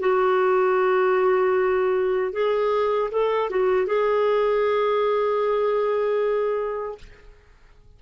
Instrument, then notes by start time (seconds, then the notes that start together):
clarinet
0.00 F#4
2.33 G#4
3.12 A4
3.50 F#4
3.87 G#4